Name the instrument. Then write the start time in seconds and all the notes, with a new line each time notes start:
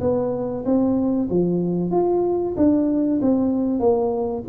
tuba
0.00 B3
0.65 C4
1.30 F3
1.91 F4
2.56 D4
3.21 C4
3.79 A#3